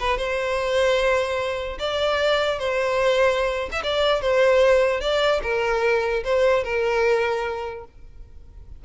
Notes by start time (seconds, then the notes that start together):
0.00 B4
0.17 C5
1.79 D5
2.59 C5
3.72 E5
3.83 D5
4.21 C5
5.01 D5
5.43 A#4
6.24 C5
6.64 A#4